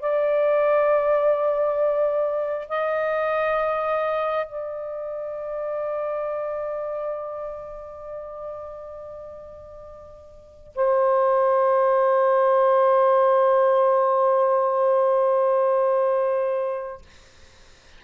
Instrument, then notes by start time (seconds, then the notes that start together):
saxophone
0.00 D5
2.69 D#5
4.46 D5
10.75 C5